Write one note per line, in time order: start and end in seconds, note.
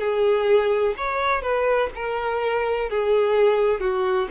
0.00 0.95 G#4
0.97 1.42 C#5
1.42 1.90 B4
1.96 2.90 A#4
2.90 3.81 G#4
3.81 4.28 F#4